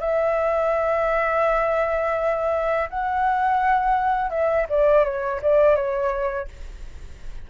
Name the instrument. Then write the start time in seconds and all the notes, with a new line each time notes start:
flute
0.00 E5
2.89 F#5
4.30 E5
4.69 D5
5.04 C#5
5.42 D5
5.75 C#5